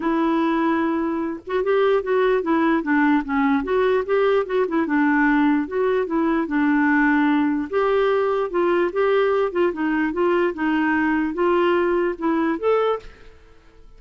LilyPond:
\new Staff \with { instrumentName = "clarinet" } { \time 4/4 \tempo 4 = 148 e'2.~ e'8 fis'8 | g'4 fis'4 e'4 d'4 | cis'4 fis'4 g'4 fis'8 e'8 | d'2 fis'4 e'4 |
d'2. g'4~ | g'4 f'4 g'4. f'8 | dis'4 f'4 dis'2 | f'2 e'4 a'4 | }